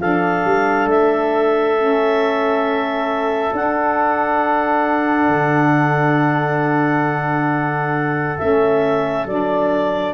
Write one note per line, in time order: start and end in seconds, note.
0.00 0.44 F3
0.00 1.77 D4
0.00 10.14 A4
0.00 0.89 F5
0.45 0.86 G3
0.86 3.51 A3
0.86 3.55 E5
1.77 3.52 C#4
3.52 8.37 D4
3.52 5.29 D4
3.52 8.38 F#5
5.29 8.37 D3
8.38 9.26 A3
8.38 9.27 C#4
8.38 9.27 E5
9.26 10.14 F#3
9.26 10.14 D4
9.26 10.14 D5